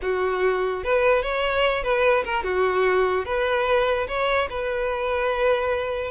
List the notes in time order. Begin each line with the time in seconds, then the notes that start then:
0.02 F#4
0.84 B4
1.22 C#5
1.83 B4
2.24 A#4
2.43 F#4
3.25 B4
4.07 C#5
4.49 B4